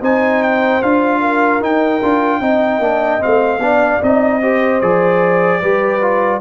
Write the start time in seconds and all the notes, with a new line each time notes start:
0.00 C4 D#4 C5 G#5
0.43 G5
0.83 D4 F4 F5
1.20 A#4
1.60 D#4 G5
2.02 D4 F4
2.40 C4 D#4 D#5
2.79 A#3 D4
3.20 C4 F5
3.26 A3
3.58 B3 D4
3.65 D5
4.01 C4 D#4 D#5
4.42 G4 C5
4.81 F3 G#4 D5
5.61 G3 G4 B4
6.02 F4